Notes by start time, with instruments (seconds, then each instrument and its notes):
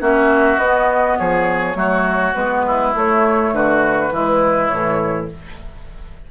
0.00 bassoon A#3, clarinet C#4, oboe F#4, flute E5
0.58 bassoon B3, clarinet B3, flute D#5
1.18 bassoon F3, oboe G#4, flute C#5
1.75 bassoon F#3, clarinet A3, oboe F#4
2.35 bassoon G#3, clarinet B3, flute B4
2.66 oboe E4
2.94 clarinet A3, bassoon A3, flute C#5
3.52 bassoon D3, oboe F#4, flute B4
4.12 bassoon E3, clarinet G#3, oboe E4
4.68 bassoon A2, clarinet E3, flute C#5